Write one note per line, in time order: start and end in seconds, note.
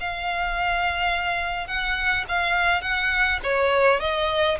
0.00 1.68 F5
1.68 2.25 F#5
2.29 2.82 F5
2.82 3.40 F#5
3.43 4.00 C#5
4.00 4.58 D#5